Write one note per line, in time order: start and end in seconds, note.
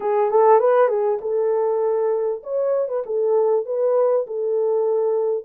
0.00 0.30 G#4
0.30 0.59 A4
0.59 0.88 B4
0.88 1.18 G#4
1.21 2.42 A4
2.43 2.88 C#5
2.88 3.03 B4
3.06 3.65 A4
3.65 4.26 B4
4.26 5.44 A4